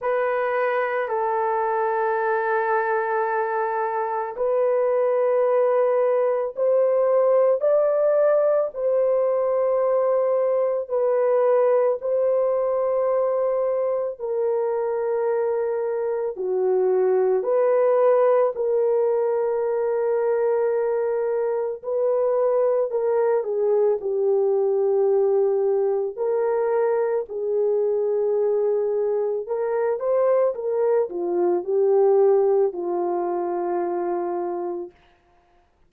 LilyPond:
\new Staff \with { instrumentName = "horn" } { \time 4/4 \tempo 4 = 55 b'4 a'2. | b'2 c''4 d''4 | c''2 b'4 c''4~ | c''4 ais'2 fis'4 |
b'4 ais'2. | b'4 ais'8 gis'8 g'2 | ais'4 gis'2 ais'8 c''8 | ais'8 f'8 g'4 f'2 | }